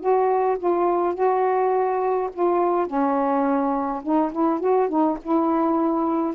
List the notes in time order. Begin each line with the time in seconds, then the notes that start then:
0.00 F#4
0.58 F4
1.15 F#4
2.33 F4
2.87 C#4
4.03 D#4
4.32 E4
4.60 F#4
4.89 D#4
5.23 E4